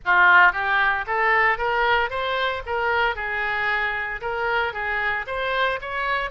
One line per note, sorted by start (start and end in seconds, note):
0.05 0.52 F4
0.52 1.05 G4
1.06 1.57 A4
1.57 2.10 A#4
2.10 2.62 C5
2.66 3.15 A#4
3.15 4.20 G#4
4.21 4.73 A#4
4.73 5.25 G#4
5.27 5.79 C5
5.81 6.30 C#5